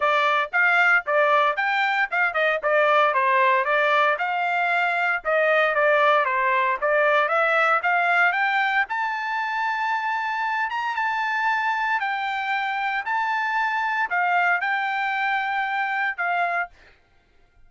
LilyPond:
\new Staff \with { instrumentName = "trumpet" } { \time 4/4 \tempo 4 = 115 d''4 f''4 d''4 g''4 | f''8 dis''8 d''4 c''4 d''4 | f''2 dis''4 d''4 | c''4 d''4 e''4 f''4 |
g''4 a''2.~ | a''8 ais''8 a''2 g''4~ | g''4 a''2 f''4 | g''2. f''4 | }